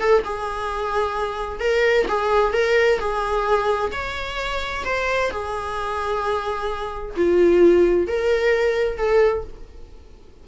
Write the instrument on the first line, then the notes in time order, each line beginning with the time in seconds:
viola
0.00 A4
0.24 G#4
1.60 A#4
2.08 G#4
2.53 A#4
2.99 G#4
3.92 C#5
4.85 C5
5.31 G#4
7.17 F4
8.08 A#4
8.98 A4